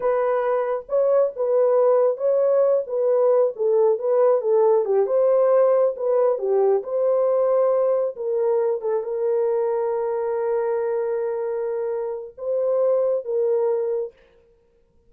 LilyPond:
\new Staff \with { instrumentName = "horn" } { \time 4/4 \tempo 4 = 136 b'2 cis''4 b'4~ | b'4 cis''4. b'4. | a'4 b'4 a'4 g'8 c''8~ | c''4. b'4 g'4 c''8~ |
c''2~ c''8 ais'4. | a'8 ais'2.~ ais'8~ | ais'1 | c''2 ais'2 | }